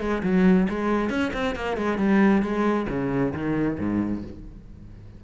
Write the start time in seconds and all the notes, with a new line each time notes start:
0.00 G#3
0.23 F#3
0.69 G#3
1.10 C#4
1.34 C4
1.55 A#3
1.77 G#3
1.98 G3
2.42 G#3
2.89 C#3
3.34 D#3
3.79 G#2